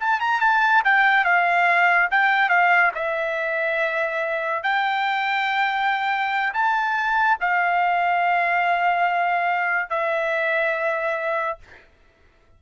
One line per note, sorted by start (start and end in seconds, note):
0.00 0.20 A5
0.20 0.40 A#5
0.40 0.83 A5
0.85 1.24 G5
1.24 2.09 F5
2.11 2.50 G5
2.50 2.92 F5
2.95 4.63 E5
4.63 6.53 G5
6.54 7.38 A5
7.41 9.90 F5
9.90 11.59 E5